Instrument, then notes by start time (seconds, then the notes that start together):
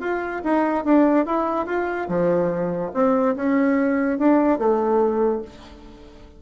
bassoon
0.00 F4
0.43 D#4
0.84 D4
1.26 E4
1.66 F4
2.08 F3
2.93 C4
3.35 C#4
4.18 D4
4.58 A3